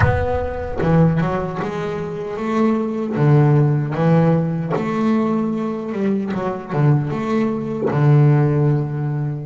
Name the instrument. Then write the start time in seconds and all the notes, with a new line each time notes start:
double bass
0.00 B3
0.81 E3
1.21 F#3
1.61 G#3
2.36 A3
3.16 D3
3.93 E3
4.75 A3
5.92 G3
6.34 F#3
6.72 D3
7.10 A3
7.90 D3